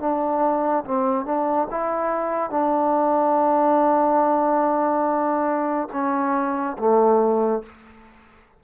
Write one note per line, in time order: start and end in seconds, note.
0.00 0.85 D4
0.85 1.26 C4
1.26 1.68 D4
1.71 2.50 E4
2.50 5.88 D4
5.93 6.77 C#4
6.78 7.63 A3